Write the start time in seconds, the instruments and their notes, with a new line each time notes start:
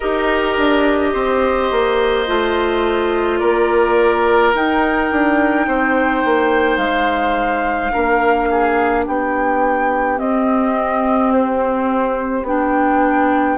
0.00 bassoon D#4, clarinet G4, oboe A#4, flute D#5
0.57 bassoon D4
1.13 bassoon C4, oboe C5
1.71 bassoon A#3
2.26 bassoon A3, clarinet F4
3.38 bassoon A#3, oboe A#4, flute D5
4.54 clarinet D#4, bassoon D#4, flute G5
5.11 bassoon D4
5.67 bassoon C4, oboe C5
6.25 bassoon A#3
6.77 bassoon G#3, flute F5
7.91 bassoon A#3, clarinet D4, oboe A#4
8.50 oboe G#4
9.04 bassoon B3, oboe G4, flute G5
10.17 clarinet C4, bassoon C4, flute D#5
11.32 flute C5
12.42 bassoon B3, clarinet D4, flute G5